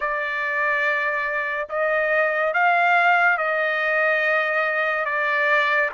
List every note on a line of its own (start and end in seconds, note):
0.00 1.67 D5
1.69 2.53 D#5
2.54 3.37 F5
3.37 5.05 D#5
5.05 5.89 D5